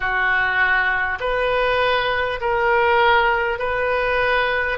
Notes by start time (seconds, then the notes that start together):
0.00 F#4
1.19 B4
2.41 A#4
3.58 B4